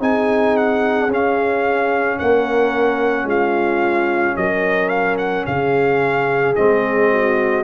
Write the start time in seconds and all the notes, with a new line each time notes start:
0.00 C4 D#4 G#4 G#5
0.57 F#5
1.08 C#4 F5
2.19 A#3 A#4 F#5
3.24 G#3 F4 F5
4.37 F#3 A#4 D#5
4.89 F5
5.18 F#5
5.46 C#3 G#4 F5
6.56 G#3 C4 D#5
7.11 F#4